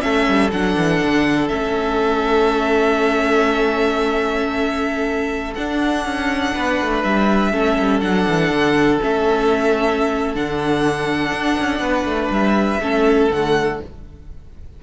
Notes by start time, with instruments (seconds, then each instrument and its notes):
0.00 cello A3, viola C#4, violin A4 E5
0.28 cello G3
0.52 cello F#3, viola D4, violin F#5
0.77 cello E3
1.04 cello D3
1.48 cello A3, viola C#4, violin E5
5.55 viola D4, cello D4, violin F#5
6.05 cello C#4
6.55 cello B3, violin B4
6.81 cello A3
7.04 cello G3, violin E5
7.52 cello A3, viola C#4, violin A4
7.78 cello G3
8.01 cello F#3, viola D4, violin F#5
8.28 cello E3
8.50 cello D3
9.01 cello A3, viola C#4, violin E5
10.35 cello D3, viola D4, violin F#5
11.32 cello D4
11.60 cello C#4
11.80 cello B3, violin B4
12.05 cello A3
12.31 cello G3, violin E5
12.81 cello A3, viola C#4, violin A4
13.31 cello D3, viola A3, violin F#5